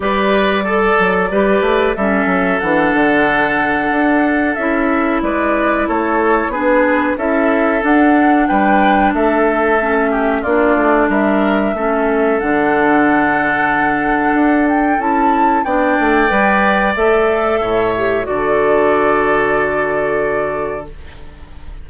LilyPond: <<
  \new Staff \with { instrumentName = "flute" } { \time 4/4 \tempo 4 = 92 d''2. e''4 | fis''2. e''4 | d''4 cis''4 b'4 e''4 | fis''4 g''4 e''2 |
d''4 e''2 fis''4~ | fis''2~ fis''8 g''8 a''4 | g''2 e''2 | d''1 | }
  \new Staff \with { instrumentName = "oboe" } { \time 4/4 b'4 a'4 b'4 a'4~ | a'1 | b'4 a'4 gis'4 a'4~ | a'4 b'4 a'4. g'8 |
f'4 ais'4 a'2~ | a'1 | d''2. cis''4 | a'1 | }
  \new Staff \with { instrumentName = "clarinet" } { \time 4/4 g'4 a'4 g'4 cis'4 | d'2. e'4~ | e'2 d'4 e'4 | d'2. cis'4 |
d'2 cis'4 d'4~ | d'2. e'4 | d'4 b'4 a'4. g'8 | fis'1 | }
  \new Staff \with { instrumentName = "bassoon" } { \time 4/4 g4. fis8 g8 a8 g8 fis8 | e8 d4. d'4 cis'4 | gis4 a4 b4 cis'4 | d'4 g4 a2 |
ais8 a8 g4 a4 d4~ | d2 d'4 cis'4 | b8 a8 g4 a4 a,4 | d1 | }
>>